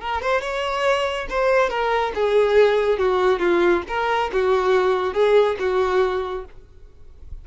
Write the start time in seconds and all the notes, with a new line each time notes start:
0.00 A#4
0.21 C5
0.41 C#5
1.29 C5
1.69 A#4
2.15 G#4
2.98 F#4
3.39 F4
3.88 A#4
4.32 F#4
5.13 G#4
5.59 F#4